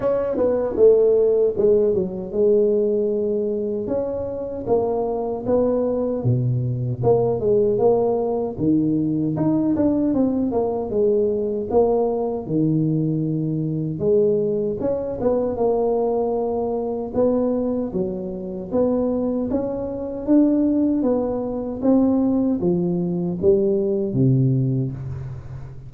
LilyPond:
\new Staff \with { instrumentName = "tuba" } { \time 4/4 \tempo 4 = 77 cis'8 b8 a4 gis8 fis8 gis4~ | gis4 cis'4 ais4 b4 | b,4 ais8 gis8 ais4 dis4 | dis'8 d'8 c'8 ais8 gis4 ais4 |
dis2 gis4 cis'8 b8 | ais2 b4 fis4 | b4 cis'4 d'4 b4 | c'4 f4 g4 c4 | }